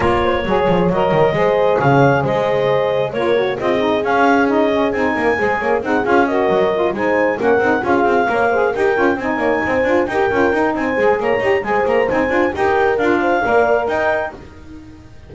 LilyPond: <<
  \new Staff \with { instrumentName = "clarinet" } { \time 4/4 \tempo 4 = 134 cis''2 dis''2 | f''4 dis''2 cis''4 | dis''4 f''4 dis''4 gis''4~ | gis''4 fis''8 f''8 dis''4. gis''8~ |
gis''8 fis''4 f''2 g''8~ | g''8 gis''2 g''4. | gis''4 ais''4 gis''8 ais''8 gis''4 | g''4 f''2 g''4 | }
  \new Staff \with { instrumentName = "horn" } { \time 4/4 ais'8 c''8 cis''2 c''4 | cis''4 c''2 ais'4 | gis'2.~ gis'8 ais'8 | c''8 cis''8 gis'4 ais'4. c''8~ |
c''8 ais'4 gis'4 cis''8 c''8 ais'8~ | ais'8 dis''8 cis''8 c''4 ais'4. | c''4 cis''4 c''2 | ais'4. c''8 d''4 dis''4 | }
  \new Staff \with { instrumentName = "saxophone" } { \time 4/4 f'4 gis'4 ais'4 gis'4~ | gis'2. f'8 fis'8 | f'8 dis'8 cis'4 dis'8 cis'8 dis'4 | gis'4 dis'8 f'8 fis'4 f'8 dis'8~ |
dis'8 cis'8 dis'8 f'4 ais'8 gis'8 g'8 | f'8 dis'4. f'8 g'8 f'8 dis'8~ | dis'8 gis'4 g'8 gis'4 dis'8 f'8 | g'4 f'4 ais'2 | }
  \new Staff \with { instrumentName = "double bass" } { \time 4/4 ais4 fis8 f8 fis8 dis8 gis4 | cis4 gis2 ais4 | c'4 cis'2 c'8 ais8 | gis8 ais8 c'8 cis'4 fis4 gis8~ |
gis8 ais8 c'8 cis'8 c'8 ais4 dis'8 | cis'8 c'8 ais8 c'8 d'8 dis'8 cis'8 dis'8 | c'8 gis8 ais8 dis'8 gis8 ais8 c'8 d'8 | dis'4 d'4 ais4 dis'4 | }
>>